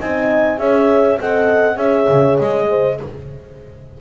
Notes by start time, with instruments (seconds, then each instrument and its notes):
0.00 double bass C4, horn D#4 D#5, clarinet G#5
0.58 double bass C#4, horn G#4 C#5, clarinet E5
1.20 double bass C4, horn A4 D#5, clarinet F#5
1.76 double bass C#4, horn G#4 C#5, clarinet E5
2.09 double bass C#3
2.39 double bass G#3, clarinet D#5
2.69 horn C5